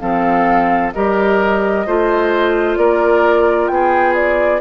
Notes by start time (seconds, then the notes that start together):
0.00 F3 C4 A4 F5
0.93 G3 G4 A#4 D#5
1.87 A3 F4 C5
2.77 A#3 A#4 D5
3.68 B3 G#4 G5
4.15 D5